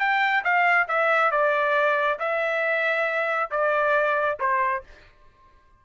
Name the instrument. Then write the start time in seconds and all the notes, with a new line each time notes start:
trumpet
0.00 G5
0.44 F5
0.89 E5
1.32 D5
2.20 E5
3.51 D5
4.40 C5